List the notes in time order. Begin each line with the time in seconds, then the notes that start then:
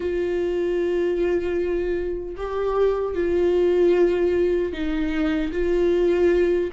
0.00 F4
2.36 G4
3.14 F4
4.72 D#4
5.52 F4